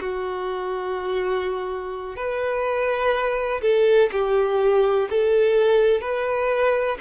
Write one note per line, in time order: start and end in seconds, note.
0.00 2.16 F#4
2.16 3.61 B4
3.62 4.10 A4
4.12 5.09 G4
5.10 6.01 A4
6.01 6.98 B4